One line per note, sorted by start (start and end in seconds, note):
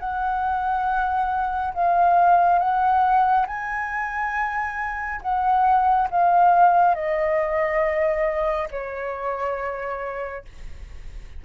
0.00 1.74 F#5
1.75 2.59 F5
2.59 3.46 F#5
3.47 5.21 G#5
5.22 6.09 F#5
6.11 6.95 F5
6.95 8.69 D#5
8.72 10.45 C#5